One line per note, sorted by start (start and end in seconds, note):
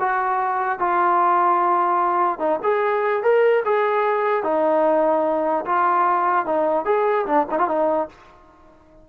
0.00 0.79 F#4
0.79 2.39 F4
2.39 2.59 D#4
2.63 3.23 G#4
3.23 3.64 A#4
3.65 4.44 G#4
4.44 5.65 D#4
5.65 6.46 F4
6.46 6.85 D#4
6.85 7.26 G#4
7.26 7.47 D4
7.51 7.59 D#4
7.59 7.68 F4
7.68 8.09 D#4